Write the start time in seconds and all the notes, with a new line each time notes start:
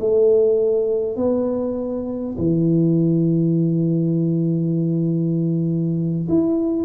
0.00 A3
1.16 B3
2.38 E3
6.28 E4